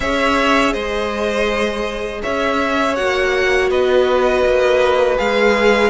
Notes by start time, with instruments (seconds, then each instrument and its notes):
0.00 cello C#4, viola G#4, violin C#5 E5
0.73 cello G#3, violin C5 D#5
2.22 cello C#4, violin C#5 E5
2.95 cello A#3, viola F#4, violin F#5
3.70 cello B3, violin B4 D#5
4.44 cello A#3
5.17 cello G#3, viola G#4, violin F5